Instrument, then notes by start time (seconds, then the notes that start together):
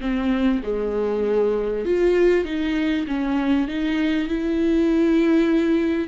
viola
0.00 C4
0.63 G#3
1.85 F4
2.45 D#4
3.07 C#4
3.68 D#4
4.28 E4